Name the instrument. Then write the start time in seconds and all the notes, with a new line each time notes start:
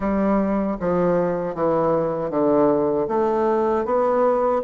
bassoon
0.00 G3
0.80 F3
1.55 E3
2.30 D3
3.08 A3
3.85 B3